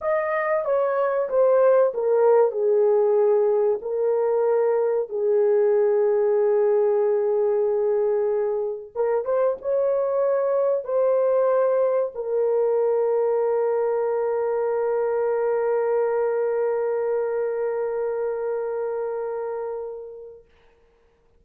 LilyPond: \new Staff \with { instrumentName = "horn" } { \time 4/4 \tempo 4 = 94 dis''4 cis''4 c''4 ais'4 | gis'2 ais'2 | gis'1~ | gis'2 ais'8 c''8 cis''4~ |
cis''4 c''2 ais'4~ | ais'1~ | ais'1~ | ais'1 | }